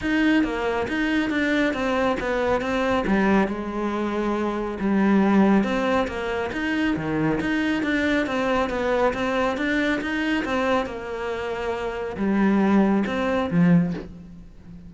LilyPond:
\new Staff \with { instrumentName = "cello" } { \time 4/4 \tempo 4 = 138 dis'4 ais4 dis'4 d'4 | c'4 b4 c'4 g4 | gis2. g4~ | g4 c'4 ais4 dis'4 |
dis4 dis'4 d'4 c'4 | b4 c'4 d'4 dis'4 | c'4 ais2. | g2 c'4 f4 | }